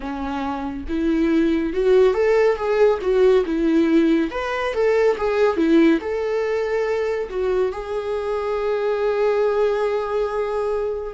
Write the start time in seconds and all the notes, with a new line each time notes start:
0.00 C#4
0.88 E4
1.73 F#4
2.14 A4
2.56 G#4
3.01 F#4
3.45 E4
4.31 B4
4.73 A4
5.17 G#4
5.56 E4
6.00 A4
7.29 F#4
7.71 G#4